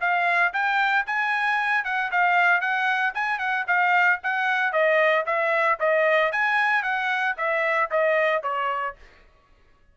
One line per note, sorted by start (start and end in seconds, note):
0.00 0.53 F5
0.53 1.05 G5
1.06 1.84 G#5
1.84 2.10 F#5
2.11 2.60 F5
2.60 3.13 F#5
3.14 3.38 G#5
3.38 3.65 F#5
3.67 4.19 F5
4.23 4.72 F#5
4.72 5.25 D#5
5.26 5.78 E5
5.79 6.32 D#5
6.32 6.83 G#5
6.83 7.35 F#5
7.37 7.89 E5
7.90 8.43 D#5
8.43 8.95 C#5